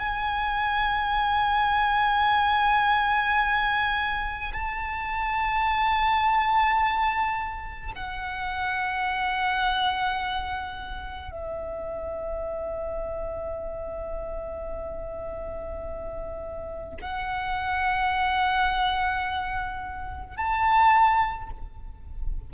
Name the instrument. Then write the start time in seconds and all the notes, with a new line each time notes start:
violin
0.00 G#5
4.53 A5
7.96 F#5
11.32 E5
17.02 F#5
20.37 A5